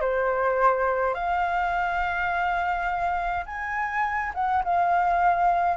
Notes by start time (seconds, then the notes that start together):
0.00 C5
1.14 F5
3.46 G#5
4.34 F#5
4.64 F5